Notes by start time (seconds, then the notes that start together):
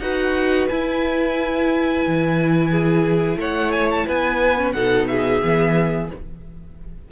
0.00 D#4 F#4 B4 F#5
0.69 E4 G#5
2.07 E3
2.71 G#4
3.37 A3 C#5 F#5
3.72 G#5
3.91 A5
4.07 B3 B4 G#5
4.57 C#4
4.72 B2 D#4 A4 F#5
5.08 G#4 E5
5.43 E3 B3